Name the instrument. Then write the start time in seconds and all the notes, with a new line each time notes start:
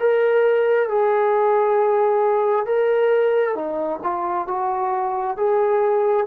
trombone
0.00 A#4
0.89 G#4
2.66 A#4
3.55 D#4
4.03 F4
4.48 F#4
5.37 G#4